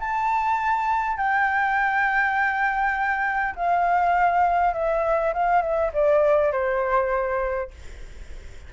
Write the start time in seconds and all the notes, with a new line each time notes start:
0.00 A5
1.17 G5
3.55 F5
4.73 E5
5.33 F5
5.62 E5
5.93 D5
6.52 C5